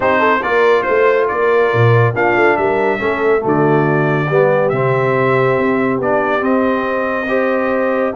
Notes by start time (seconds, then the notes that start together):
0.00 C4 D#4 G4 C5
0.19 A4
0.42 A#3 F4 A#4 D5
0.82 A3 C5
1.28 A#3 A#4 D5
1.73 A#2
2.14 A#3 D4 F4 F5
2.35 A3
2.56 G3 A#4 E5
2.98 A3 C#4 A4
3.39 D3 A3 F#4
3.47 D5
4.28 G3 B3 G4
4.69 C3 C4 E5
5.59 C4
5.98 B3 D4 D5
6.40 C4 D#5
7.28 G4 C5